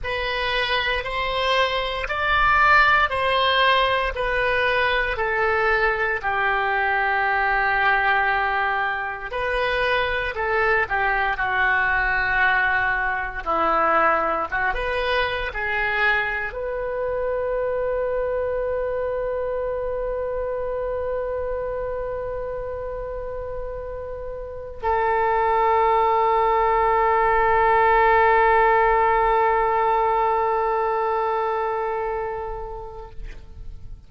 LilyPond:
\new Staff \with { instrumentName = "oboe" } { \time 4/4 \tempo 4 = 58 b'4 c''4 d''4 c''4 | b'4 a'4 g'2~ | g'4 b'4 a'8 g'8 fis'4~ | fis'4 e'4 fis'16 b'8. gis'4 |
b'1~ | b'1 | a'1~ | a'1 | }